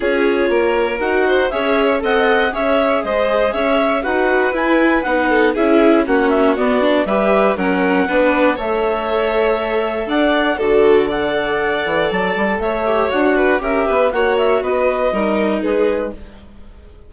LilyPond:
<<
  \new Staff \with { instrumentName = "clarinet" } { \time 4/4 \tempo 4 = 119 cis''2 fis''4 e''4 | fis''4 e''4 dis''4 e''4 | fis''4 gis''4 fis''4 e''4 | fis''8 e''8 d''4 e''4 fis''4~ |
fis''4 e''2. | fis''4 d''4 fis''2 | a''4 e''4 fis''4 e''4 | fis''8 e''8 dis''2 b'4 | }
  \new Staff \with { instrumentName = "violin" } { \time 4/4 gis'4 ais'4. c''8 cis''4 | dis''4 cis''4 c''4 cis''4 | b'2~ b'8 a'8 gis'4 | fis'2 b'4 ais'4 |
b'4 cis''2. | d''4 a'4 d''2~ | d''4 cis''4. b'8 ais'8 b'8 | cis''4 b'4 ais'4 gis'4 | }
  \new Staff \with { instrumentName = "viola" } { \time 4/4 f'2 fis'4 gis'4 | a'4 gis'2. | fis'4 e'4 dis'4 e'4 | cis'4 b8 d'8 g'4 cis'4 |
d'4 a'2.~ | a'4 fis'4 a'2~ | a'4. g'8 fis'4 g'4 | fis'2 dis'2 | }
  \new Staff \with { instrumentName = "bassoon" } { \time 4/4 cis'4 ais4 dis'4 cis'4 | c'4 cis'4 gis4 cis'4 | dis'4 e'4 b4 cis'4 | ais4 b4 g4 fis4 |
b4 a2. | d'4 d2~ d8 e8 | fis8 g8 a4 d'4 cis'8 b8 | ais4 b4 g4 gis4 | }
>>